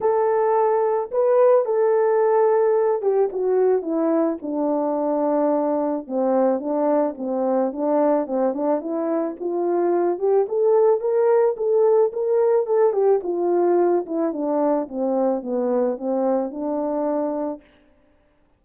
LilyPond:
\new Staff \with { instrumentName = "horn" } { \time 4/4 \tempo 4 = 109 a'2 b'4 a'4~ | a'4. g'8 fis'4 e'4 | d'2. c'4 | d'4 c'4 d'4 c'8 d'8 |
e'4 f'4. g'8 a'4 | ais'4 a'4 ais'4 a'8 g'8 | f'4. e'8 d'4 c'4 | b4 c'4 d'2 | }